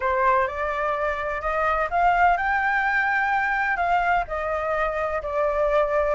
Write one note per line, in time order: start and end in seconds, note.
0.00 0.47 C5
0.47 1.41 D5
1.41 1.88 D#5
1.90 2.37 F5
2.37 3.77 G5
3.77 4.24 F5
4.27 5.22 D#5
5.22 6.15 D5